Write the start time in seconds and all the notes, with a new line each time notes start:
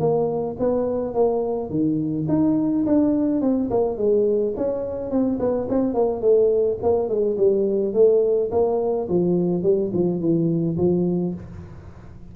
0.00 A#3
0.60 B3
1.14 A#3
1.70 D#3
2.29 D#4
2.86 D4
3.42 C4
3.71 A#3
3.98 G#3
4.57 C#4
5.11 C4
5.40 B3
5.70 C4
5.95 A#3
6.22 A3
6.83 A#3
7.09 G#3
7.37 G3
7.94 A3
8.52 A#3
9.09 F3
9.63 G3
9.94 F3
10.21 E3
10.78 F3